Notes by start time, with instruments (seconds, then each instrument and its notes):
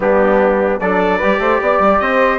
0.00 bassoon G3, trombone B3, flute D4, trumpet G4
0.80 bassoon F#3, trombone D4, flute A4, trumpet D5
1.17 bassoon G3, trombone G4, flute B4
1.38 bassoon A3, flute C5
1.61 bassoon B3, flute D5
1.79 bassoon G3
1.99 bassoon C4, flute C5, trumpet D#5